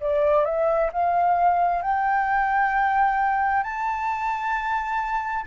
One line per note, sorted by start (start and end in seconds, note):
0.00 0.45 D5
0.45 0.90 E5
0.92 1.82 F5
1.82 3.63 G5
3.63 5.45 A5